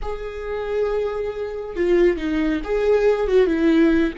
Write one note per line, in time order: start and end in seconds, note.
0.01 1.76 G#4
1.76 2.17 F4
2.17 2.61 D#4
2.64 3.27 G#4
3.27 3.46 F#4
3.46 4.12 E4